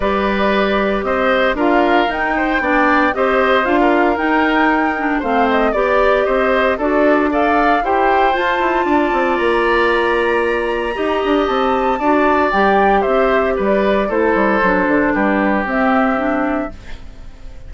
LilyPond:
<<
  \new Staff \with { instrumentName = "flute" } { \time 4/4 \tempo 4 = 115 d''2 dis''4 f''4 | g''2 dis''4 f''4 | g''2 f''8 dis''8 d''4 | dis''4 d''4 f''4 g''4 |
a''2 ais''2~ | ais''2 a''2 | g''4 e''4 d''4 c''4~ | c''4 b'4 e''2 | }
  \new Staff \with { instrumentName = "oboe" } { \time 4/4 b'2 c''4 ais'4~ | ais'8 c''8 d''4 c''4~ c''16 ais'8.~ | ais'2 c''4 d''4 | c''4 a'4 d''4 c''4~ |
c''4 d''2.~ | d''4 dis''2 d''4~ | d''4 c''4 b'4 a'4~ | a'4 g'2. | }
  \new Staff \with { instrumentName = "clarinet" } { \time 4/4 g'2. f'4 | dis'4 d'4 g'4 f'4 | dis'4. d'8 c'4 g'4~ | g'4 fis'4 a'4 g'4 |
f'1~ | f'4 g'2 fis'4 | g'2. e'4 | d'2 c'4 d'4 | }
  \new Staff \with { instrumentName = "bassoon" } { \time 4/4 g2 c'4 d'4 | dis'4 b4 c'4 d'4 | dis'2 a4 b4 | c'4 d'2 e'4 |
f'8 e'8 d'8 c'8 ais2~ | ais4 dis'8 d'8 c'4 d'4 | g4 c'4 g4 a8 g8 | fis8 d8 g4 c'2 | }
>>